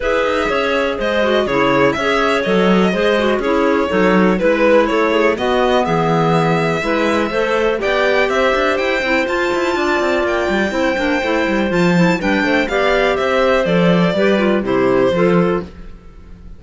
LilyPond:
<<
  \new Staff \with { instrumentName = "violin" } { \time 4/4 \tempo 4 = 123 e''2 dis''4 cis''4 | e''4 dis''2 cis''4~ | cis''4 b'4 cis''4 dis''4 | e''1 |
g''4 e''4 g''4 a''4~ | a''4 g''2. | a''4 g''4 f''4 e''4 | d''2 c''2 | }
  \new Staff \with { instrumentName = "clarinet" } { \time 4/4 b'4 cis''4 c''4 gis'4 | cis''2 c''4 gis'4 | a'4 b'4 a'8 gis'8 fis'4 | gis'2 b'4 c''4 |
d''4 c''2. | d''2 c''2~ | c''4 b'8 c''8 d''4 c''4~ | c''4 b'4 g'4 a'4 | }
  \new Staff \with { instrumentName = "clarinet" } { \time 4/4 gis'2~ gis'8 fis'8 e'4 | gis'4 a'4 gis'8 fis'8 e'4 | dis'4 e'2 b4~ | b2 e'4 a'4 |
g'2~ g'8 e'8 f'4~ | f'2 e'8 d'8 e'4 | f'8 e'8 d'4 g'2 | a'4 g'8 f'8 e'4 f'4 | }
  \new Staff \with { instrumentName = "cello" } { \time 4/4 e'8 dis'8 cis'4 gis4 cis4 | cis'4 fis4 gis4 cis'4 | fis4 gis4 a4 b4 | e2 gis4 a4 |
b4 c'8 d'8 e'8 c'8 f'8 e'8 | d'8 c'8 ais8 g8 c'8 ais8 a8 g8 | f4 g8 a8 b4 c'4 | f4 g4 c4 f4 | }
>>